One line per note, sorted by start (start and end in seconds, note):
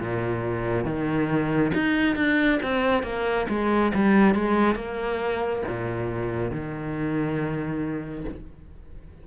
0.00 0.85 A#2
0.85 1.72 D#3
1.74 2.16 D#4
2.16 2.59 D4
2.63 3.03 C4
3.03 3.47 A#3
3.49 3.92 G#3
3.94 4.35 G3
4.35 4.75 G#3
4.75 5.62 A#3
5.68 6.51 A#2
6.51 8.25 D#3